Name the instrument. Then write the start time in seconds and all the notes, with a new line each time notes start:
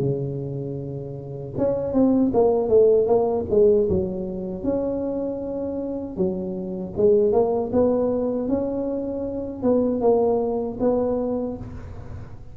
tuba
0.00 C#3
1.58 C#4
1.93 C4
2.34 A#3
2.69 A3
3.07 A#3
3.50 G#3
3.89 F#3
4.64 C#4
6.17 F#3
6.97 G#3
7.32 A#3
7.72 B3
8.49 C#4
9.63 B3
10.01 A#3
10.80 B3